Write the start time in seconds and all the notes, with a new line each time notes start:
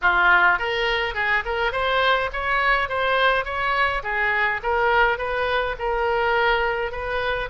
0.01 F4
0.58 A#4
1.14 G#4
1.45 A#4
1.72 C5
2.32 C#5
2.88 C5
3.45 C#5
4.03 G#4
4.62 A#4
5.18 B4
5.78 A#4
6.91 B4